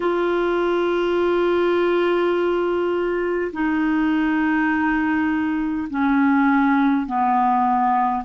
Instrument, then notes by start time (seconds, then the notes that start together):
clarinet
0.00 F4
3.52 D#4
5.89 C#4
7.06 B3